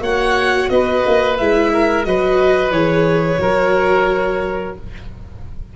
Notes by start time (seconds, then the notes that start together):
0.00 A#3 F#4 C#5 F#5
0.69 B3 B4 D#5
1.06 A#3
1.37 G#3 E4 E5
1.72 A#4
2.04 F#3 F#4 B4 D#5
2.70 E3 G#4 C#5
3.38 F#3 F#4 A#4